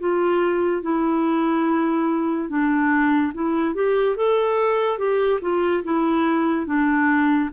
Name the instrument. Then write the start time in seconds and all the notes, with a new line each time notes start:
clarinet
0.00 F4
0.83 E4
2.50 D4
3.34 E4
3.75 G4
4.17 A4
4.98 G4
5.42 F4
5.84 E4
6.67 D4